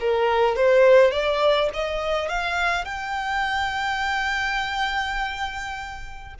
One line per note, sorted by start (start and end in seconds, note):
0.00 0.56 A#4
0.56 1.11 C5
1.11 1.70 D5
1.74 2.29 D#5
2.29 2.85 F5
2.85 6.34 G5